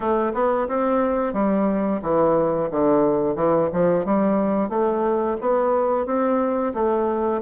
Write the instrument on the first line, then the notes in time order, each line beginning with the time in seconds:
bassoon
0.00 A3
0.33 B3
0.67 C4
1.33 G3
2.02 E3
2.71 D3
3.35 E3
3.72 F3
4.04 G3
4.69 A3
5.40 B3
6.06 C4
6.74 A3